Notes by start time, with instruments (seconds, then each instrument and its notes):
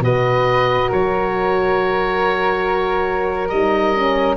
0.00 tuba B2, horn F#4, flute B4, oboe D#5
0.89 tuba F#3, flute A#4, oboe C#5
3.49 tuba G3, horn D#4, oboe D#5
3.95 horn C#4